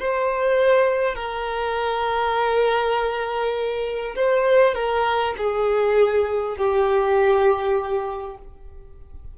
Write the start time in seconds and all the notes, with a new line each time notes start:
0.00 C5
1.16 A#4
4.16 C5
4.75 A#4
5.38 G#4
6.58 G4